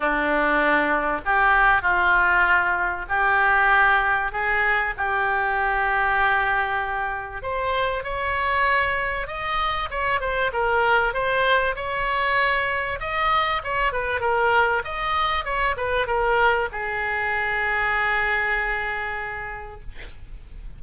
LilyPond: \new Staff \with { instrumentName = "oboe" } { \time 4/4 \tempo 4 = 97 d'2 g'4 f'4~ | f'4 g'2 gis'4 | g'1 | c''4 cis''2 dis''4 |
cis''8 c''8 ais'4 c''4 cis''4~ | cis''4 dis''4 cis''8 b'8 ais'4 | dis''4 cis''8 b'8 ais'4 gis'4~ | gis'1 | }